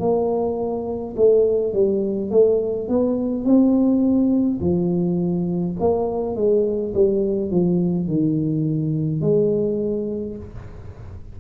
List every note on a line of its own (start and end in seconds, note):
0.00 1.15 A#3
1.16 1.74 A3
1.74 2.31 G3
2.31 2.88 A3
2.88 3.45 B3
3.45 4.60 C4
4.61 5.76 F3
5.80 6.36 A#3
6.36 6.93 G#3
6.94 7.51 G3
7.51 8.08 F3
8.08 9.22 D#3
9.22 10.37 G#3